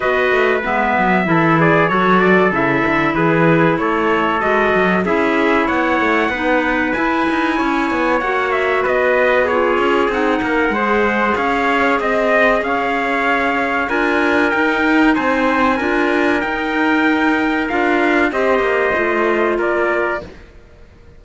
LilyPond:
<<
  \new Staff \with { instrumentName = "trumpet" } { \time 4/4 \tempo 4 = 95 dis''4 e''4. d''8 cis''8 d''8 | e''4 b'4 cis''4 dis''4 | e''4 fis''2 gis''4~ | gis''4 fis''8 e''8 dis''4 cis''4 |
fis''2 f''4 dis''4 | f''2 gis''4 g''4 | gis''2 g''2 | f''4 dis''2 d''4 | }
  \new Staff \with { instrumentName = "trumpet" } { \time 4/4 b'2 a'8 gis'8 a'4~ | a'4 gis'4 a'2 | gis'4 cis''4 b'2 | cis''2 b'4 gis'4~ |
gis'8 ais'8 c''4 cis''4 dis''4 | cis''2 ais'2 | c''4 ais'2.~ | ais'4 c''2 ais'4 | }
  \new Staff \with { instrumentName = "clarinet" } { \time 4/4 fis'4 b4 e'4 fis'4 | e'2. fis'4 | e'2 dis'4 e'4~ | e'4 fis'2 f'4 |
dis'4 gis'2.~ | gis'2 f'4 dis'4~ | dis'4 f'4 dis'2 | f'4 g'4 f'2 | }
  \new Staff \with { instrumentName = "cello" } { \time 4/4 b8 a8 gis8 fis8 e4 fis4 | cis8 d8 e4 a4 gis8 fis8 | cis'4 b8 a8 b4 e'8 dis'8 | cis'8 b8 ais4 b4. cis'8 |
c'8 ais8 gis4 cis'4 c'4 | cis'2 d'4 dis'4 | c'4 d'4 dis'2 | d'4 c'8 ais8 a4 ais4 | }
>>